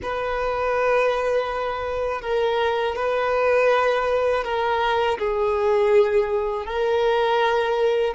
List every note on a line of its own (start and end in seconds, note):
0.02 2.21 B4
2.21 2.95 A#4
2.95 4.43 B4
4.43 5.18 A#4
5.18 6.66 G#4
6.66 8.14 A#4